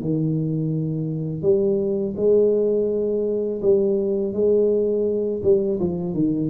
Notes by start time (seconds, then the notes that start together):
0.00 D#3
1.42 G3
2.16 G#3
3.61 G3
4.32 G#3
5.42 G3
5.80 F3
6.14 D#3